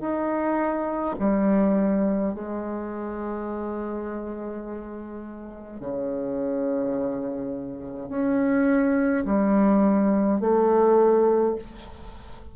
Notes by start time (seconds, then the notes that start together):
0.00 D#4
1.19 G3
2.34 G#3
5.80 C#3
8.09 C#4
9.25 G3
10.40 A3